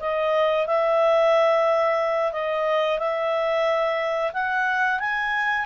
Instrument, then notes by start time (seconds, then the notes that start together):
clarinet
0.00 D#5
0.67 E5
2.32 D#5
2.99 E5
4.33 F#5
5.00 G#5